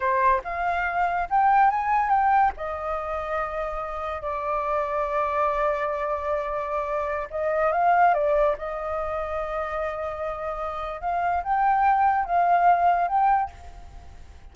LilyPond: \new Staff \with { instrumentName = "flute" } { \time 4/4 \tempo 4 = 142 c''4 f''2 g''4 | gis''4 g''4 dis''2~ | dis''2 d''2~ | d''1~ |
d''4~ d''16 dis''4 f''4 d''8.~ | d''16 dis''2.~ dis''8.~ | dis''2 f''4 g''4~ | g''4 f''2 g''4 | }